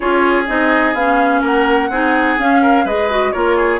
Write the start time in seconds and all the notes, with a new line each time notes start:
0.00 C#4 F4 G#4 C#5
0.47 C4 D#4 D#5
0.93 B3 C#4 F5
1.41 A#3 A#4 F#5
1.89 C4 D#4 G#4
2.38 C#4 F5
2.62 A#4
2.84 G#3 G#4 B4 D#5
3.10 F#4
3.31 A#3 F4 A#4 C#5
3.56 G#4